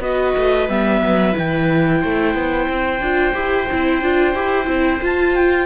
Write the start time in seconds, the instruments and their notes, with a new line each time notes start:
0.00 cello B3, viola F#4 B4, clarinet D#5
0.37 cello A3
0.69 cello G3, viola B3, clarinet E5
1.01 cello F#3
1.33 cello E3, viola E4, clarinet G5
2.01 cello A3, viola C5
2.35 cello B3
2.69 cello C4
3.01 cello D4, viola F4
3.34 cello E4, viola G4
3.71 cello C4, viola E4
4.02 cello D4, viola F4
4.35 cello E4, viola G4
4.67 cello C4, viola E4
5.02 viola F4, cello F4, clarinet A5
5.36 clarinet G5